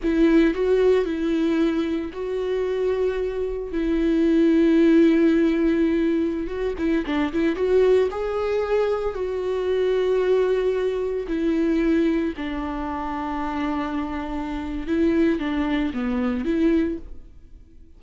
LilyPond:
\new Staff \with { instrumentName = "viola" } { \time 4/4 \tempo 4 = 113 e'4 fis'4 e'2 | fis'2. e'4~ | e'1~ | e'16 fis'8 e'8 d'8 e'8 fis'4 gis'8.~ |
gis'4~ gis'16 fis'2~ fis'8.~ | fis'4~ fis'16 e'2 d'8.~ | d'1 | e'4 d'4 b4 e'4 | }